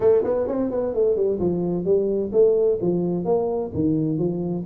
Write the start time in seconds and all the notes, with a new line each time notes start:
0.00 A3
0.23 B3
0.47 C4
0.70 B3
0.94 A3
1.16 G3
1.39 F3
1.84 G3
2.32 A3
2.81 F3
3.24 A#3
3.74 D#3
4.18 F3